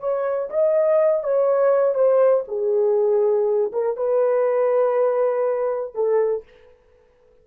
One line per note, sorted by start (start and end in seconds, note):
0.00 0.50 C#5
0.50 1.24 D#5
1.24 1.95 C#5
1.95 2.45 C5
2.48 3.72 G#4
3.73 3.97 A#4
3.97 5.95 B4
5.95 6.45 A4